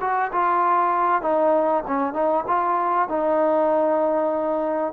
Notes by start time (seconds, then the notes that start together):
0.00 F#4
0.31 F4
1.21 D#4
1.86 C#4
2.13 D#4
2.47 F4
3.08 D#4